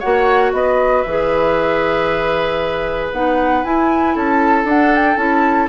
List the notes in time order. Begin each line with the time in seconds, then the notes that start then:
0.00 A#3 F#4 C#5 F#5
0.53 B3 B4 D#5
1.02 E3 E5
1.09 G#4
3.13 B3 D#4 F#5
3.64 E4 G#5
4.15 C#4 A4 A5
4.64 D4 F#5
4.95 G5
5.17 C#4 E4 A5